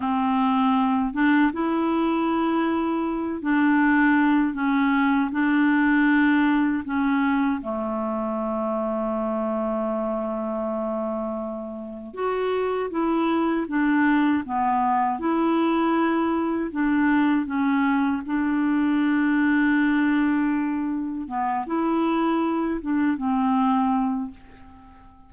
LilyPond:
\new Staff \with { instrumentName = "clarinet" } { \time 4/4 \tempo 4 = 79 c'4. d'8 e'2~ | e'8 d'4. cis'4 d'4~ | d'4 cis'4 a2~ | a1 |
fis'4 e'4 d'4 b4 | e'2 d'4 cis'4 | d'1 | b8 e'4. d'8 c'4. | }